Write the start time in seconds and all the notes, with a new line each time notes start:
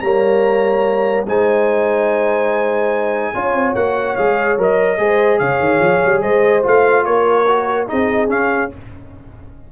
0.00 G3 A#3 C#5 A#5
1.26 G#3 D#4 C5 G#5
3.34 C#4 F4 C#5
3.54 C4
3.75 A#3 F#4 F#5
4.16 G#3 G#4 F5
4.58 F#3 A#4 D#5
4.98 G#3 G#4 C5
5.39 C#3 C#5 F5
5.59 D#3
5.79 F3
6.05 G3
6.22 G#3 C5 D#5
6.63 A3 F4 F5
7.05 A#3 A#4 C#5
7.47 F#4
7.87 C4 D#4 G#4 D#5
8.28 C#4 F5